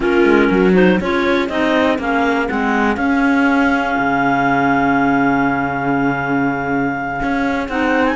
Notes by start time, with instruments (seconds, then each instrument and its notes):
0.00 cello A#3, clarinet C#4 A#4, viola F4
0.24 cello G#3
0.50 cello F#3, viola F#4
0.73 clarinet D#4 C5
1.00 cello C#4, clarinet F4 C#5, viola G#4
1.48 cello C4, clarinet D#4 D#5
1.98 cello A#3, clarinet C#4 F5
2.47 cello G#3, clarinet C4 F#5
2.96 cello C#4, clarinet C#4 F5
3.98 cello C#3
7.22 cello C#4
7.68 cello C4, clarinet D#4 F#5
8.05 clarinet G#5